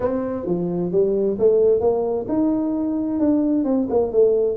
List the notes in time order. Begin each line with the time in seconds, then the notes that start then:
0.00 C4
0.45 F3
0.91 G3
1.39 A3
1.80 A#3
2.28 D#4
3.19 D4
3.64 C4
3.89 A#3
4.12 A3